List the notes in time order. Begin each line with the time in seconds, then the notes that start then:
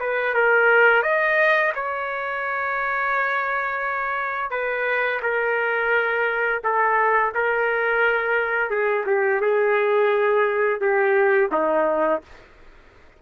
0.00 B4
0.34 A#4
1.03 D#5
1.75 C#5
4.51 B4
5.22 A#4
6.64 A4
7.35 A#4
8.70 G#4
9.06 G4
9.41 G#4
10.80 G4
11.52 D#4